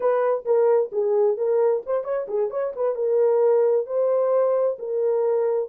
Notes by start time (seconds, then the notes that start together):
0.00 B4
0.45 A#4
0.92 G#4
1.37 A#4
1.86 C5
2.04 C#5
2.28 G#4
2.50 C#5
2.75 B4
2.95 A#4
3.86 C5
4.78 A#4